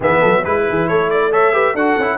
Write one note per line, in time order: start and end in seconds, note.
0.00 0.22 E3
0.00 0.44 B3
0.00 0.20 G#4
0.00 0.44 E5
0.20 0.45 F#3
0.20 0.42 A4
0.44 0.67 G#3
0.44 1.31 E4
0.44 0.88 B4
0.44 0.67 B4
0.69 0.91 E3
0.69 0.88 G#4
0.88 1.74 A3
0.88 1.10 A4
0.88 1.10 C#5
1.10 1.32 D5
1.31 1.52 A4
1.31 1.53 C#5
1.31 1.76 E5
1.52 1.74 G4
1.52 1.73 B4
1.73 1.96 D4
1.73 2.00 F#4
1.73 2.17 A4
1.73 2.18 F#5
1.98 2.18 C#4
1.98 2.18 E4